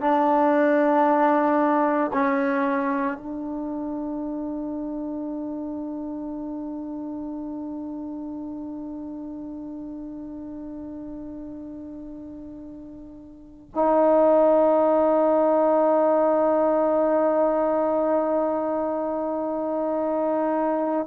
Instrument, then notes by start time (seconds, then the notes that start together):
trombone
0.00 D4
2.13 C#4
3.17 D4
13.75 D#4